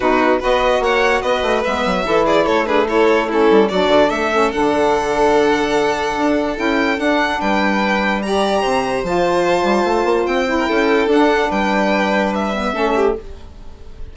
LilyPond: <<
  \new Staff \with { instrumentName = "violin" } { \time 4/4 \tempo 4 = 146 b'4 dis''4 fis''4 dis''4 | e''4. d''8 cis''8 b'8 cis''4 | a'4 d''4 e''4 fis''4~ | fis''1 |
g''4 fis''4 g''2 | ais''2 a''2~ | a''4 g''2 fis''4 | g''2 e''2 | }
  \new Staff \with { instrumentName = "violin" } { \time 4/4 fis'4 b'4 cis''4 b'4~ | b'4 a'8 gis'8 a'8 gis'8 a'4 | e'4 fis'4 a'2~ | a'1~ |
a'2 b'2 | d''4 c''2.~ | c''4.~ c''16 ais'16 a'2 | b'2. a'8 g'8 | }
  \new Staff \with { instrumentName = "saxophone" } { \time 4/4 dis'4 fis'2. | b4 e'4. d'8 e'4 | cis'4 d'4. cis'8 d'4~ | d'1 |
e'4 d'2. | g'2 f'2~ | f'4. e'4. d'4~ | d'2~ d'8 b8 cis'4 | }
  \new Staff \with { instrumentName = "bassoon" } { \time 4/4 b,4 b4 ais4 b8 a8 | gis8 fis8 e4 a2~ | a8 g8 fis8 d8 a4 d4~ | d2. d'4 |
cis'4 d'4 g2~ | g4 c4 f4. g8 | a8 ais8 c'4 cis'4 d'4 | g2. a4 | }
>>